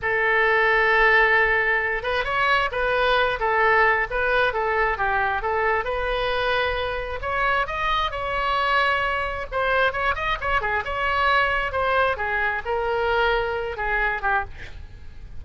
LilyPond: \new Staff \with { instrumentName = "oboe" } { \time 4/4 \tempo 4 = 133 a'1~ | a'8 b'8 cis''4 b'4. a'8~ | a'4 b'4 a'4 g'4 | a'4 b'2. |
cis''4 dis''4 cis''2~ | cis''4 c''4 cis''8 dis''8 cis''8 gis'8 | cis''2 c''4 gis'4 | ais'2~ ais'8 gis'4 g'8 | }